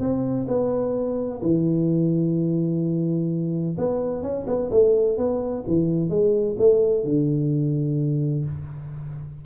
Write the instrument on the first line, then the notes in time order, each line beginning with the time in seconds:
tuba
0.00 C4
0.48 B3
1.43 E3
3.78 B3
4.23 C#4
4.47 B3
4.71 A3
5.18 B3
5.68 E3
6.10 G#3
6.59 A3
7.05 D3